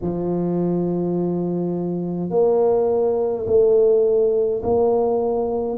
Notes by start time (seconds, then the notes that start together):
0.01 F3
2.30 A#3
3.46 A3
4.62 A#3